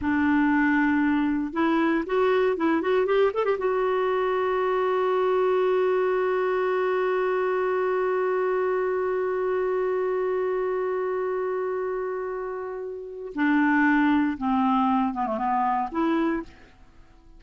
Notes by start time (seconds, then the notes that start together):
0.01 D4
1.52 E4
2.06 F#4
2.56 E4
2.81 F#4
3.05 G4
3.33 A4
3.45 G4
3.58 F#4
13.34 D4
14.37 C4
15.13 B3
15.26 A3
15.38 B3
15.91 E4